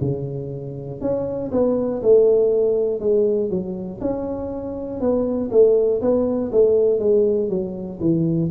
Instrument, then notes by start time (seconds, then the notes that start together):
tuba
0.00 C#3
1.00 C#4
1.51 B3
2.02 A3
3.00 G#3
3.50 F#3
4.00 C#4
5.00 B3
5.50 A3
6.00 B3
6.52 A3
6.99 G#3
7.49 F#3
8.00 E3